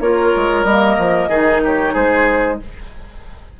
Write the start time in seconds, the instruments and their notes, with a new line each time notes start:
0.00 bassoon A#3, clarinet F4, oboe A#4, flute C#5
0.36 bassoon G#3
0.63 bassoon G3, clarinet A#3, flute D#5
0.98 bassoon F3
1.28 bassoon D#3, clarinet D#4, oboe G#4
1.64 oboe G4, flute C#5
1.93 bassoon G#3, oboe G#4, flute C5